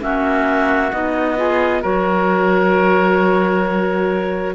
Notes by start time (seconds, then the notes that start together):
0.00 A#3 C#4 F#4 E5
0.91 B3 D#4 D#5
1.36 F4 G#4
1.82 F#3 F#4 A#4 C#5